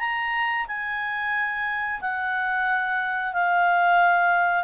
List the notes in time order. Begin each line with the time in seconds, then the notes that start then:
0.00 A#5
0.68 G#5
2.02 F#5
3.34 F5